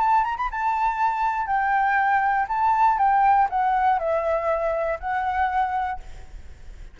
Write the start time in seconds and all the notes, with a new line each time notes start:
0.00 A5
0.25 A#5
0.37 B5
0.51 A5
1.47 G5
2.48 A5
2.98 G5
3.50 F#5
3.99 E5
5.00 F#5